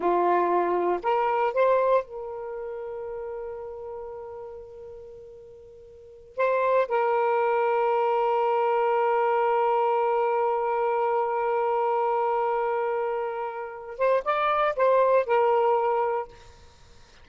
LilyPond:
\new Staff \with { instrumentName = "saxophone" } { \time 4/4 \tempo 4 = 118 f'2 ais'4 c''4 | ais'1~ | ais'1~ | ais'8 c''4 ais'2~ ais'8~ |
ais'1~ | ais'1~ | ais'2.~ ais'8 c''8 | d''4 c''4 ais'2 | }